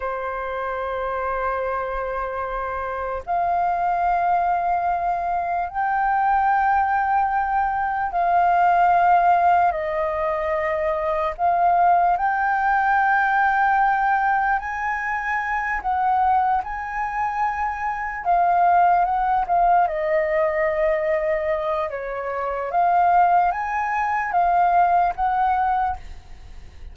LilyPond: \new Staff \with { instrumentName = "flute" } { \time 4/4 \tempo 4 = 74 c''1 | f''2. g''4~ | g''2 f''2 | dis''2 f''4 g''4~ |
g''2 gis''4. fis''8~ | fis''8 gis''2 f''4 fis''8 | f''8 dis''2~ dis''8 cis''4 | f''4 gis''4 f''4 fis''4 | }